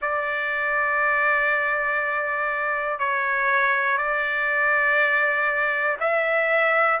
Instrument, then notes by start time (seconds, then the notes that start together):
trumpet
0.01 D5
2.99 C#5
3.97 D5
6.00 E5